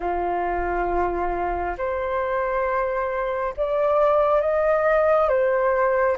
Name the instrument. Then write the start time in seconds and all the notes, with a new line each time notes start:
flute
0.00 F4
1.77 C5
3.56 D5
4.41 D#5
5.28 C5